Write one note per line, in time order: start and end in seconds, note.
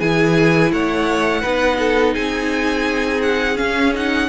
0.00 0.72 E3
0.00 1.44 E4
0.00 0.71 G#4
0.00 0.72 G#5
0.72 1.44 A3
0.72 1.41 C#5
0.72 2.14 F#5
1.41 2.16 B3
1.41 3.56 D#4
1.41 1.77 B4
1.79 2.14 A4
2.14 3.59 C4
2.14 4.28 G#4
2.14 3.22 G#5
3.22 3.57 F#5
3.56 3.91 C#4
3.56 4.29 C#4
3.56 3.93 F5
3.94 4.29 D#4
3.94 4.29 F#5